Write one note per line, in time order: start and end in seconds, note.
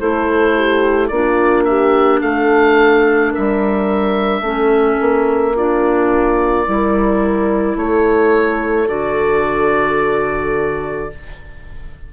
0.00 1.11 A3
0.00 1.11 E4
0.00 0.56 A4
0.00 1.08 C5
0.56 1.11 G4
1.08 2.22 A#3
1.08 4.44 D4
1.08 1.69 F4
1.08 1.64 D5
1.65 2.21 G4
1.65 2.20 E5
2.21 3.34 A3
2.21 3.31 A4
2.21 3.33 F5
3.31 4.42 A#4
3.31 5.57 E5
3.38 4.41 G3
4.41 4.97 A3
4.41 5.55 C#4
4.41 5.56 A4
5.01 6.68 A#3
5.56 6.66 D4
5.56 6.67 F4
5.56 7.78 D5
6.66 7.76 G3
6.66 8.88 E4
6.66 7.79 A#4
7.76 8.87 A3
7.76 11.13 A4
7.76 8.89 C#5
8.88 11.10 D3
8.88 11.10 F#4
8.88 11.11 D5